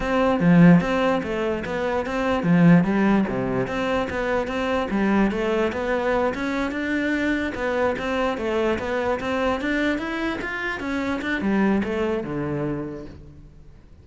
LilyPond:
\new Staff \with { instrumentName = "cello" } { \time 4/4 \tempo 4 = 147 c'4 f4 c'4 a4 | b4 c'4 f4 g4 | c4 c'4 b4 c'4 | g4 a4 b4. cis'8~ |
cis'8 d'2 b4 c'8~ | c'8 a4 b4 c'4 d'8~ | d'8 e'4 f'4 cis'4 d'8 | g4 a4 d2 | }